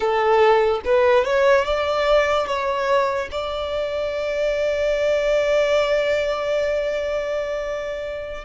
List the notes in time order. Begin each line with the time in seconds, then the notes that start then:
0.00 A4
0.84 B4
1.24 C#5
1.64 D5
2.46 C#5
3.31 D5